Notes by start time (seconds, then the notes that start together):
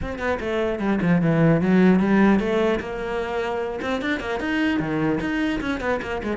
0.02 C4
0.18 B3
0.40 A3
0.79 G3
1.01 F3
1.21 E3
1.61 F#3
1.99 G3
2.39 A3
2.79 A#3
3.81 C4
4.01 D4
4.20 A#3
4.39 D#4
4.79 D#3
5.20 D#4
5.60 C#4
5.80 B3
6.02 A#3
6.23 G#3